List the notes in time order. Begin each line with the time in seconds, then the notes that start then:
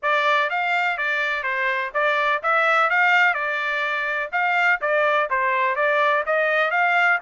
0.02 D5
0.50 F5
0.97 D5
1.43 C5
1.93 D5
2.42 E5
2.90 F5
3.34 D5
4.32 F5
4.81 D5
5.29 C5
5.75 D5
6.25 D#5
6.71 F5